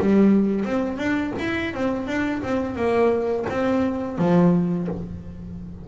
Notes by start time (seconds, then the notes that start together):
0.00 G3
0.66 C4
0.98 D4
1.40 E4
1.74 C4
2.07 D4
2.43 C4
2.76 A#3
3.50 C4
4.19 F3